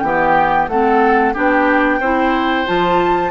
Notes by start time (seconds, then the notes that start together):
0.00 E3 B3 G4 G5
0.68 A3 C4 A4 F#5
1.34 B3 D4 G4 G5
2.00 C4 E4 C5
2.67 F3 F4 A5